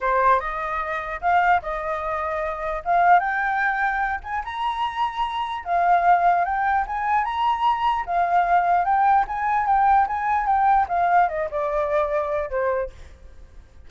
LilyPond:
\new Staff \with { instrumentName = "flute" } { \time 4/4 \tempo 4 = 149 c''4 dis''2 f''4 | dis''2. f''4 | g''2~ g''8 gis''8 ais''4~ | ais''2 f''2 |
g''4 gis''4 ais''2 | f''2 g''4 gis''4 | g''4 gis''4 g''4 f''4 | dis''8 d''2~ d''8 c''4 | }